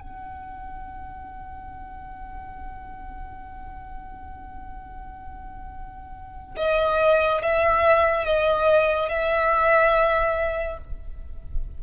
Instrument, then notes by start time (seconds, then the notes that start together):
violin
0.00 F#5
6.56 D#5
7.42 E5
8.25 D#5
9.08 E5